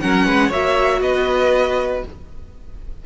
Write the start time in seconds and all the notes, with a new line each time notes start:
0.00 F#3 C#4 A#4 F#5
0.26 G#3 B4
0.48 A#3 F#4 C#5 E5
1.01 B3 B4 D#5